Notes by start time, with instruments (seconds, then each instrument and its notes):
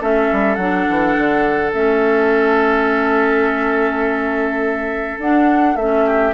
0.00 bassoon A3, clarinet C#4, oboe A4, flute E5
0.32 bassoon G3
0.55 bassoon F#3, clarinet D4, flute F#5
0.89 bassoon E3
1.16 bassoon D3
1.73 bassoon A3, clarinet C#4, flute E5
5.18 bassoon D4, clarinet D4, flute F#5
5.75 bassoon A3, clarinet C#4, flute E5
6.05 oboe G4